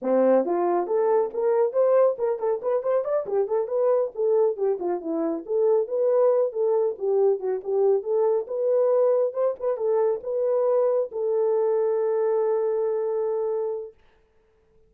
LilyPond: \new Staff \with { instrumentName = "horn" } { \time 4/4 \tempo 4 = 138 c'4 f'4 a'4 ais'4 | c''4 ais'8 a'8 b'8 c''8 d''8 g'8 | a'8 b'4 a'4 g'8 f'8 e'8~ | e'8 a'4 b'4. a'4 |
g'4 fis'8 g'4 a'4 b'8~ | b'4. c''8 b'8 a'4 b'8~ | b'4. a'2~ a'8~ | a'1 | }